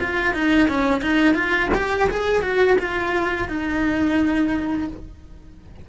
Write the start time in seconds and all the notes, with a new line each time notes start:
0.00 F4
0.34 D#4
0.68 C#4
1.02 D#4
1.34 F4
1.75 G4
2.10 G#4
2.42 F#4
2.79 F4
3.49 D#4